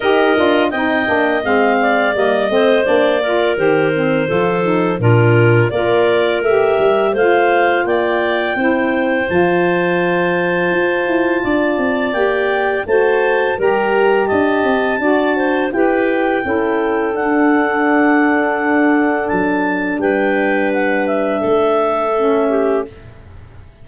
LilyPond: <<
  \new Staff \with { instrumentName = "clarinet" } { \time 4/4 \tempo 4 = 84 dis''4 g''4 f''4 dis''4 | d''4 c''2 ais'4 | d''4 e''4 f''4 g''4~ | g''4 a''2.~ |
a''4 g''4 a''4 ais''4 | a''2 g''2 | fis''2. a''4 | g''4 fis''8 e''2~ e''8 | }
  \new Staff \with { instrumentName = "clarinet" } { \time 4/4 ais'4 dis''4. d''4 c''8~ | c''8 ais'4. a'4 f'4 | ais'2 c''4 d''4 | c''1 |
d''2 c''4 ais'4 | dis''4 d''8 c''8 b'4 a'4~ | a'1 | b'2 a'4. g'8 | }
  \new Staff \with { instrumentName = "saxophone" } { \time 4/4 g'8 f'8 dis'8 d'8 c'4 ais8 c'8 | d'8 f'8 g'8 c'8 f'8 dis'8 d'4 | f'4 g'4 f'2 | e'4 f'2.~ |
f'4 g'4 fis'4 g'4~ | g'4 fis'4 g'4 e'4 | d'1~ | d'2. cis'4 | }
  \new Staff \with { instrumentName = "tuba" } { \time 4/4 dis'8 d'8 c'8 ais8 gis4 g8 a8 | ais4 dis4 f4 ais,4 | ais4 a8 g8 a4 ais4 | c'4 f2 f'8 e'8 |
d'8 c'8 ais4 a4 g4 | d'8 c'8 d'4 e'4 cis'4 | d'2. fis4 | g2 a2 | }
>>